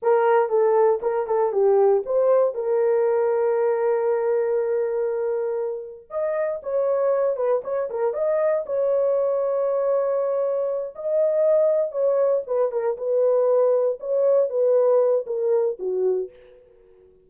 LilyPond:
\new Staff \with { instrumentName = "horn" } { \time 4/4 \tempo 4 = 118 ais'4 a'4 ais'8 a'8 g'4 | c''4 ais'2.~ | ais'1 | dis''4 cis''4. b'8 cis''8 ais'8 |
dis''4 cis''2.~ | cis''4. dis''2 cis''8~ | cis''8 b'8 ais'8 b'2 cis''8~ | cis''8 b'4. ais'4 fis'4 | }